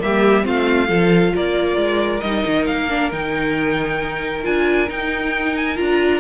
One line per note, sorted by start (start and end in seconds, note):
0.00 0.47 G3
0.00 0.42 A#3
0.00 0.45 G4
0.00 0.46 E5
0.42 0.89 A3
0.42 0.87 C4
0.42 0.88 F4
0.42 1.36 F5
0.87 1.33 F3
0.87 2.20 F4
0.87 1.32 A4
1.35 1.76 A#3
1.35 6.20 A#4
1.35 2.20 D5
1.76 2.21 G#3
2.20 2.45 G3
2.20 2.89 D#4
2.20 2.65 D#5
2.46 2.68 D#3
2.66 3.12 A#3
2.66 3.11 F5
2.89 3.12 D4
3.12 4.45 D#3
3.12 4.43 D#4
3.12 4.45 G5
4.43 4.90 D4
4.43 4.88 F4
4.43 4.89 G#5
4.89 5.76 D#4
4.89 5.79 D#4
4.89 5.56 G5
5.56 5.77 G#5
5.76 6.20 D4
5.76 6.20 F4
5.76 6.20 A#5